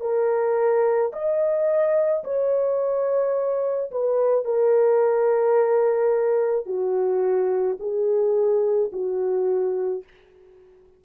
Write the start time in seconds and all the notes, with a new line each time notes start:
0.00 A#4
1.12 D#5
2.24 C#5
3.90 B4
4.44 A#4
6.66 F#4
7.79 G#4
8.92 F#4